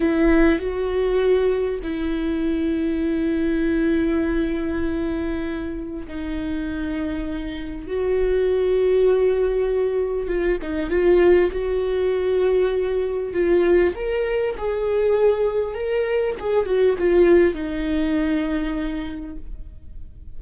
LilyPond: \new Staff \with { instrumentName = "viola" } { \time 4/4 \tempo 4 = 99 e'4 fis'2 e'4~ | e'1~ | e'2 dis'2~ | dis'4 fis'2.~ |
fis'4 f'8 dis'8 f'4 fis'4~ | fis'2 f'4 ais'4 | gis'2 ais'4 gis'8 fis'8 | f'4 dis'2. | }